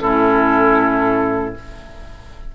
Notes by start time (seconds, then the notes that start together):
0.00 A2 C#4 E4 A4